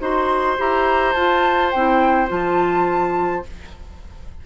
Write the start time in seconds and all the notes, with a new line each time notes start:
0.00 D#4 F#4 C5 C6
0.58 E4 G4 A#5
1.13 F4 A5
1.71 C4 E4 G5
2.28 F3 F4 A5